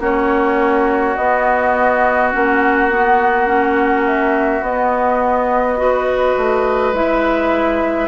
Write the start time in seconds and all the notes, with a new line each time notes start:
0.00 A#3 C#4 F#4 C#5
1.16 B3 D#5
2.33 A#3 C#4 F#5
2.90 B3
3.47 C#4
4.07 E5
4.62 B3 D#5
5.78 F#4 B4
6.38 A3
6.93 G#3 E4 E5